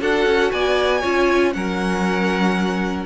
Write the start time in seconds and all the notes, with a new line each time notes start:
0.00 D4 F#4 A4 F#5
0.26 C#4
0.52 B3 D5 G#5
1.01 C#4 F4 C#5
1.53 F#3 C#4 A#4 F#5